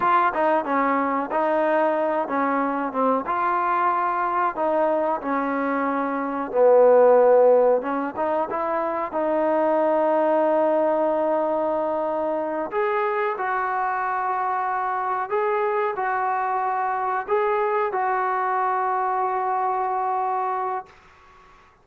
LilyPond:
\new Staff \with { instrumentName = "trombone" } { \time 4/4 \tempo 4 = 92 f'8 dis'8 cis'4 dis'4. cis'8~ | cis'8 c'8 f'2 dis'4 | cis'2 b2 | cis'8 dis'8 e'4 dis'2~ |
dis'2.~ dis'8 gis'8~ | gis'8 fis'2. gis'8~ | gis'8 fis'2 gis'4 fis'8~ | fis'1 | }